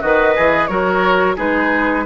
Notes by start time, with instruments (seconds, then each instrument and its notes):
0.00 bassoon D#3, oboe F#4, clarinet B4, flute D#5
0.35 bassoon E3, oboe G#4
0.67 bassoon F#3, clarinet F#4, oboe A#4, flute C#5
1.36 bassoon G#3, clarinet D#4, oboe G#4, flute B4